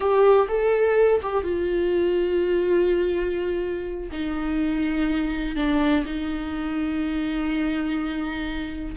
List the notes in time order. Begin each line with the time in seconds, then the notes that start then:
0.00 G4
0.48 A4
1.22 G4
1.43 F4
4.11 D#4
5.56 D4
6.05 D#4